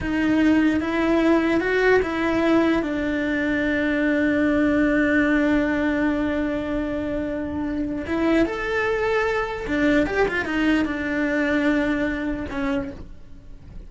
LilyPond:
\new Staff \with { instrumentName = "cello" } { \time 4/4 \tempo 4 = 149 dis'2 e'2 | fis'4 e'2 d'4~ | d'1~ | d'1~ |
d'1 | e'4 a'2. | d'4 g'8 f'8 dis'4 d'4~ | d'2. cis'4 | }